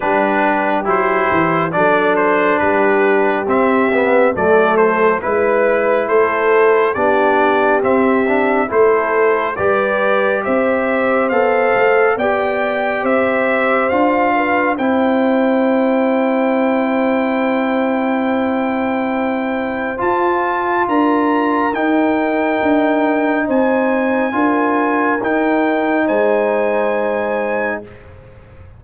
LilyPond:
<<
  \new Staff \with { instrumentName = "trumpet" } { \time 4/4 \tempo 4 = 69 b'4 c''4 d''8 c''8 b'4 | e''4 d''8 c''8 b'4 c''4 | d''4 e''4 c''4 d''4 | e''4 f''4 g''4 e''4 |
f''4 g''2.~ | g''2. a''4 | ais''4 g''2 gis''4~ | gis''4 g''4 gis''2 | }
  \new Staff \with { instrumentName = "horn" } { \time 4/4 g'2 a'4 g'4~ | g'4 a'4 b'4 a'4 | g'2 a'4 b'4 | c''2 d''4 c''4~ |
c''8 b'8 c''2.~ | c''1 | ais'2. c''4 | ais'2 c''2 | }
  \new Staff \with { instrumentName = "trombone" } { \time 4/4 d'4 e'4 d'2 | c'8 b8 a4 e'2 | d'4 c'8 d'8 e'4 g'4~ | g'4 a'4 g'2 |
f'4 e'2.~ | e'2. f'4~ | f'4 dis'2. | f'4 dis'2. | }
  \new Staff \with { instrumentName = "tuba" } { \time 4/4 g4 fis8 e8 fis4 g4 | c'4 fis4 gis4 a4 | b4 c'4 a4 g4 | c'4 b8 a8 b4 c'4 |
d'4 c'2.~ | c'2. f'4 | d'4 dis'4 d'4 c'4 | d'4 dis'4 gis2 | }
>>